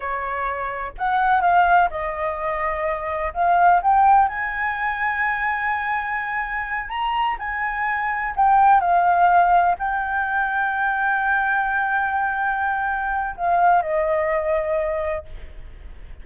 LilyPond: \new Staff \with { instrumentName = "flute" } { \time 4/4 \tempo 4 = 126 cis''2 fis''4 f''4 | dis''2. f''4 | g''4 gis''2.~ | gis''2~ gis''8 ais''4 gis''8~ |
gis''4. g''4 f''4.~ | f''8 g''2.~ g''8~ | g''1 | f''4 dis''2. | }